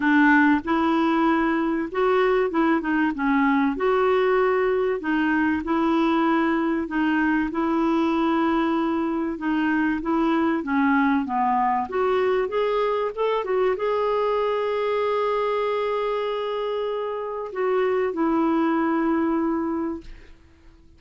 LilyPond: \new Staff \with { instrumentName = "clarinet" } { \time 4/4 \tempo 4 = 96 d'4 e'2 fis'4 | e'8 dis'8 cis'4 fis'2 | dis'4 e'2 dis'4 | e'2. dis'4 |
e'4 cis'4 b4 fis'4 | gis'4 a'8 fis'8 gis'2~ | gis'1 | fis'4 e'2. | }